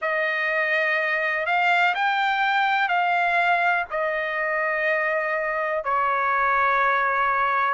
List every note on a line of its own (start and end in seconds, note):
0.01 1.46 D#5
1.46 1.94 F5
1.94 2.88 G5
2.88 3.84 F5
3.90 5.84 D#5
5.84 7.74 C#5